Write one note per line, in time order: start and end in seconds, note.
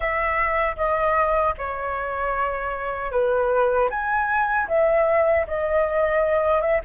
0.00 0.76 E5
0.76 1.54 D#5
1.58 3.11 C#5
3.11 3.89 B4
3.90 4.68 G#5
4.68 5.45 E5
5.47 6.61 D#5
6.61 6.80 E5